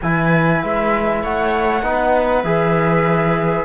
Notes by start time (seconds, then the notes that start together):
0.01 E3 E4 B4 G#5
0.62 G#3 E5
1.22 A3 C#5 F#5
1.82 B3 D#4 B4
2.43 E3 G#4 E5